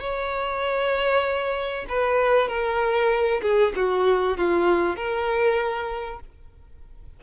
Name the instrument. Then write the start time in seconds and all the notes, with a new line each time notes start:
violin
0.00 C#5
1.89 B4
2.48 A#4
3.42 G#4
3.76 F#4
4.37 F4
4.96 A#4